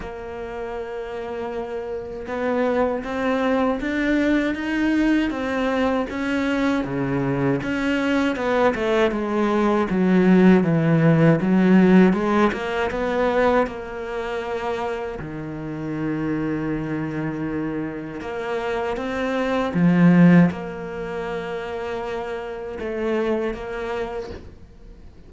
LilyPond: \new Staff \with { instrumentName = "cello" } { \time 4/4 \tempo 4 = 79 ais2. b4 | c'4 d'4 dis'4 c'4 | cis'4 cis4 cis'4 b8 a8 | gis4 fis4 e4 fis4 |
gis8 ais8 b4 ais2 | dis1 | ais4 c'4 f4 ais4~ | ais2 a4 ais4 | }